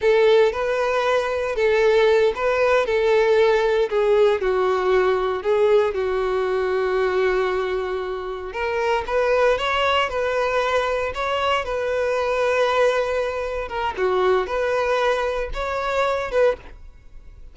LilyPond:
\new Staff \with { instrumentName = "violin" } { \time 4/4 \tempo 4 = 116 a'4 b'2 a'4~ | a'8 b'4 a'2 gis'8~ | gis'8 fis'2 gis'4 fis'8~ | fis'1~ |
fis'8 ais'4 b'4 cis''4 b'8~ | b'4. cis''4 b'4.~ | b'2~ b'8 ais'8 fis'4 | b'2 cis''4. b'8 | }